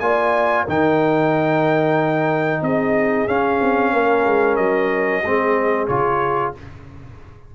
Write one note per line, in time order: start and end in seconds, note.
0.00 0.66 A#3
0.00 0.68 F4
0.00 0.64 D5
0.00 0.65 G#5
0.64 2.62 D#3
0.64 3.28 D#4
0.64 2.60 A#4
0.64 2.63 G5
2.62 3.27 C4
2.62 3.93 G#4
2.62 3.28 D#5
3.28 3.60 C#4
3.28 5.24 C#4
3.28 4.56 F5
3.61 3.93 C4
3.93 4.26 A#3
3.93 5.24 A#4
4.26 4.59 G#3
4.56 5.24 F#3
4.56 5.87 D#5
5.24 5.89 G#3
5.24 5.90 C4
5.24 6.55 G#4
5.88 6.55 C#3
5.88 6.55 F4
5.88 6.53 C#5